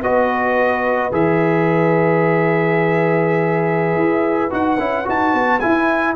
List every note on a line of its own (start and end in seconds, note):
0.00 1.11 B3
0.00 1.11 F#4
0.00 6.14 B4
0.00 1.12 D#5
1.11 3.95 E3
1.11 4.50 G#4
1.11 4.53 E5
3.95 4.50 E4
4.50 4.79 D#4
4.50 4.77 F#4
4.50 5.07 F#5
4.79 5.06 C#4
4.79 5.05 E4
5.05 5.33 D#4
5.05 5.59 F#4
5.05 5.59 A5
5.33 5.61 B3
5.59 6.15 E4
5.59 6.14 G#5